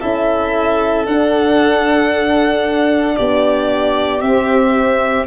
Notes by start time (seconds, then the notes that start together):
0.00 C#4 E4 A4 E5
1.06 D4 F#5
3.16 B3 G4 D5
4.21 C4 E5